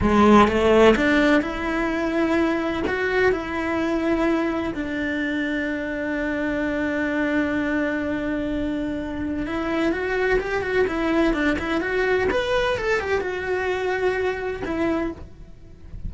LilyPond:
\new Staff \with { instrumentName = "cello" } { \time 4/4 \tempo 4 = 127 gis4 a4 d'4 e'4~ | e'2 fis'4 e'4~ | e'2 d'2~ | d'1~ |
d'1 | e'4 fis'4 g'8 fis'8 e'4 | d'8 e'8 fis'4 b'4 a'8 g'8 | fis'2. e'4 | }